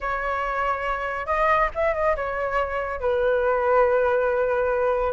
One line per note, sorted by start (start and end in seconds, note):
0.00 1.26 C#5
1.26 1.69 D#5
1.75 1.94 E5
1.94 2.15 D#5
2.15 3.00 C#5
3.00 5.13 B4